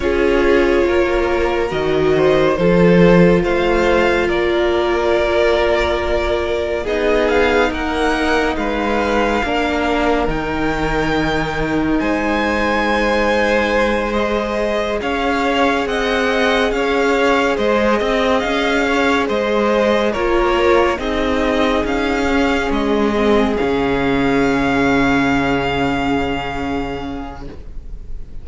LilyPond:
<<
  \new Staff \with { instrumentName = "violin" } { \time 4/4 \tempo 4 = 70 cis''2 dis''4 c''4 | f''4 d''2. | dis''8 f''8 fis''4 f''2 | g''2 gis''2~ |
gis''8 dis''4 f''4 fis''4 f''8~ | f''8 dis''4 f''4 dis''4 cis''8~ | cis''8 dis''4 f''4 dis''4 f''8~ | f''1 | }
  \new Staff \with { instrumentName = "violin" } { \time 4/4 gis'4 ais'4. c''8 a'4 | c''4 ais'2. | gis'4 ais'4 b'4 ais'4~ | ais'2 c''2~ |
c''4. cis''4 dis''4 cis''8~ | cis''8 c''8 dis''4 cis''8 c''4 ais'8~ | ais'8 gis'2.~ gis'8~ | gis'1 | }
  \new Staff \with { instrumentName = "viola" } { \time 4/4 f'2 fis'4 f'4~ | f'1 | dis'2. d'4 | dis'1~ |
dis'8 gis'2.~ gis'8~ | gis'2.~ gis'8 f'8~ | f'8 dis'4. cis'4 c'8 cis'8~ | cis'1 | }
  \new Staff \with { instrumentName = "cello" } { \time 4/4 cis'4 ais4 dis4 f4 | a4 ais2. | b4 ais4 gis4 ais4 | dis2 gis2~ |
gis4. cis'4 c'4 cis'8~ | cis'8 gis8 c'8 cis'4 gis4 ais8~ | ais8 c'4 cis'4 gis4 cis8~ | cis1 | }
>>